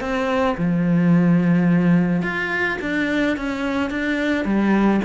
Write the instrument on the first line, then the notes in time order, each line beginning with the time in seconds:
cello
0.00 C4
0.57 F3
2.22 F4
2.81 D4
3.37 C#4
3.90 D4
4.45 G3